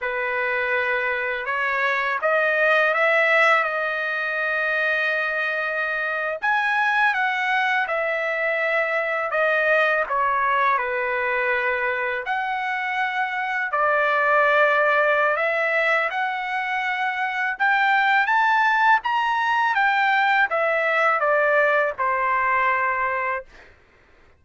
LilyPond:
\new Staff \with { instrumentName = "trumpet" } { \time 4/4 \tempo 4 = 82 b'2 cis''4 dis''4 | e''4 dis''2.~ | dis''8. gis''4 fis''4 e''4~ e''16~ | e''8. dis''4 cis''4 b'4~ b'16~ |
b'8. fis''2 d''4~ d''16~ | d''4 e''4 fis''2 | g''4 a''4 ais''4 g''4 | e''4 d''4 c''2 | }